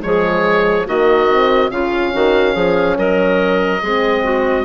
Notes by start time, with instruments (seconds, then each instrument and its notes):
0.00 bassoon F3, horn G#3, clarinet G#4, oboe C#5
0.86 bassoon D#3, horn A#3, clarinet F#4, oboe D#5
1.29 horn C4
1.69 bassoon C#3, horn C#4, clarinet F4, oboe F5
2.13 bassoon D#3, clarinet F#4
2.53 bassoon F3, clarinet G#4
2.98 bassoon F#3, clarinet A#4, oboe D#5
3.82 bassoon G#3, horn C4, clarinet G#4
4.24 clarinet F#4